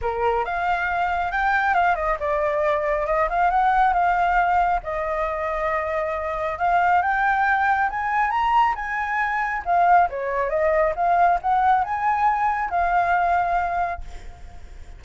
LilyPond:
\new Staff \with { instrumentName = "flute" } { \time 4/4 \tempo 4 = 137 ais'4 f''2 g''4 | f''8 dis''8 d''2 dis''8 f''8 | fis''4 f''2 dis''4~ | dis''2. f''4 |
g''2 gis''4 ais''4 | gis''2 f''4 cis''4 | dis''4 f''4 fis''4 gis''4~ | gis''4 f''2. | }